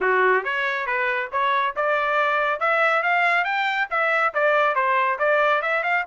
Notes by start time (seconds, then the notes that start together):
0.00 F#4
0.44 C#5
0.86 B4
1.31 C#5
1.76 D5
2.59 E5
3.02 F5
3.44 G5
3.90 E5
4.34 D5
4.75 C5
5.19 D5
5.62 E5
5.83 F5